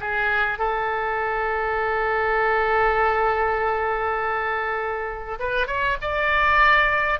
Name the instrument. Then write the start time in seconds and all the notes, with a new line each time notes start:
oboe
0.00 G#4
0.58 A4
5.39 B4
5.67 C#5
6.01 D5